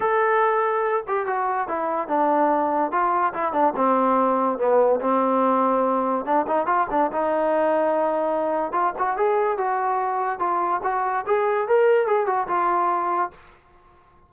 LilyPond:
\new Staff \with { instrumentName = "trombone" } { \time 4/4 \tempo 4 = 144 a'2~ a'8 g'8 fis'4 | e'4 d'2 f'4 | e'8 d'8 c'2 b4 | c'2. d'8 dis'8 |
f'8 d'8 dis'2.~ | dis'4 f'8 fis'8 gis'4 fis'4~ | fis'4 f'4 fis'4 gis'4 | ais'4 gis'8 fis'8 f'2 | }